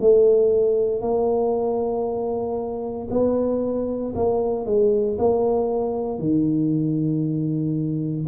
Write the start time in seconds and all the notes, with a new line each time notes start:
0.00 A3
1.01 A#3
3.10 B3
4.15 A#3
4.66 G#3
5.18 A#3
6.19 D#3